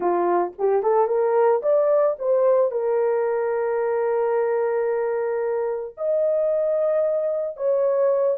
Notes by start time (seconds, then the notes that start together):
0.00 F4
0.58 G4
0.83 A4
1.07 A#4
1.62 D5
2.19 C5
2.71 A#4
5.97 D#5
7.57 C#5